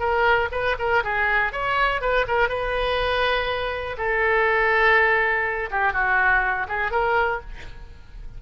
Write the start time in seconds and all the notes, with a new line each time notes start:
0.00 A#4
0.52 B4
0.79 A#4
1.04 G#4
1.53 C#5
2.02 B4
2.28 A#4
2.49 B4
3.98 A4
5.71 G4
5.94 F#4
6.69 G#4
6.92 A#4